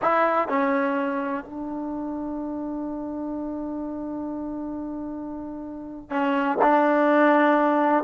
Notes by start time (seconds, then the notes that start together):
0.01 E4
0.48 C#4
1.44 D4
6.10 C#4
6.62 D4